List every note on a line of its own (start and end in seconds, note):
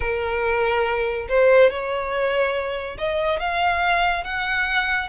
0.00 1.27 A#4
1.28 1.70 C5
1.70 2.97 C#5
2.97 3.39 D#5
3.39 4.24 F5
4.24 5.08 F#5